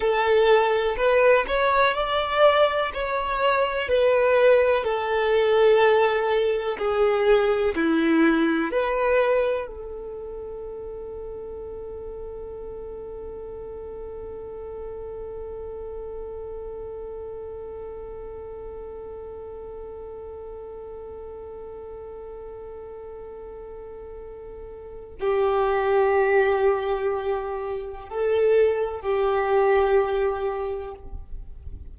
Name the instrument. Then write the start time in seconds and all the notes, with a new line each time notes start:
violin
0.00 A4
0.96 B4
1.47 C#5
1.94 D5
2.93 C#5
3.88 B4
4.83 A4
6.78 G#4
7.75 E4
8.71 B4
9.67 A4
25.20 G4
28.09 A4
29.01 G4